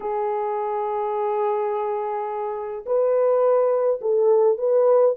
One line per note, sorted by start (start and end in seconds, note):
0.00 2.85 G#4
2.86 4.00 B4
4.01 4.58 A4
4.58 5.15 B4